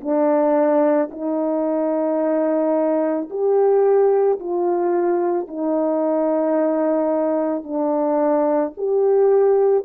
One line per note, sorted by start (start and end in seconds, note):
0.00 1.09 D4
1.11 3.29 D#4
3.30 4.39 G4
4.39 5.47 F4
5.47 7.63 D#4
7.63 8.72 D4
8.77 9.84 G4